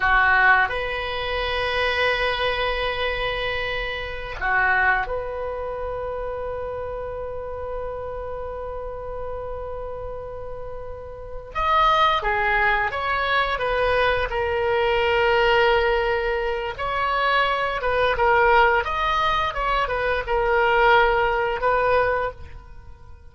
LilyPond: \new Staff \with { instrumentName = "oboe" } { \time 4/4 \tempo 4 = 86 fis'4 b'2.~ | b'2~ b'16 fis'4 b'8.~ | b'1~ | b'1~ |
b'8 dis''4 gis'4 cis''4 b'8~ | b'8 ais'2.~ ais'8 | cis''4. b'8 ais'4 dis''4 | cis''8 b'8 ais'2 b'4 | }